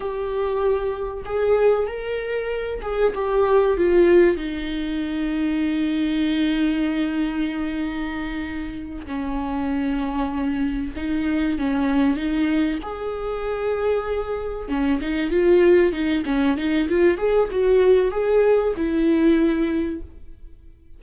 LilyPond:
\new Staff \with { instrumentName = "viola" } { \time 4/4 \tempo 4 = 96 g'2 gis'4 ais'4~ | ais'8 gis'8 g'4 f'4 dis'4~ | dis'1~ | dis'2~ dis'8 cis'4.~ |
cis'4. dis'4 cis'4 dis'8~ | dis'8 gis'2. cis'8 | dis'8 f'4 dis'8 cis'8 dis'8 f'8 gis'8 | fis'4 gis'4 e'2 | }